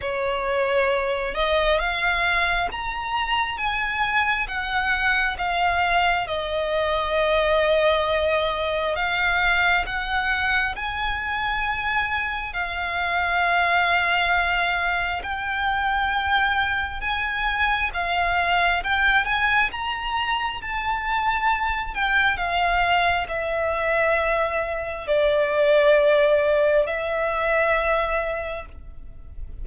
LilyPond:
\new Staff \with { instrumentName = "violin" } { \time 4/4 \tempo 4 = 67 cis''4. dis''8 f''4 ais''4 | gis''4 fis''4 f''4 dis''4~ | dis''2 f''4 fis''4 | gis''2 f''2~ |
f''4 g''2 gis''4 | f''4 g''8 gis''8 ais''4 a''4~ | a''8 g''8 f''4 e''2 | d''2 e''2 | }